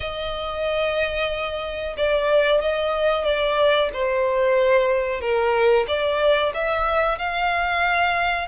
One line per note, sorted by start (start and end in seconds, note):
0.00 1.96 D#5
1.97 2.61 D5
2.61 3.24 D#5
3.24 3.90 D5
3.93 5.20 C5
5.20 5.85 A#4
5.87 6.52 D5
6.54 7.18 E5
7.18 8.47 F5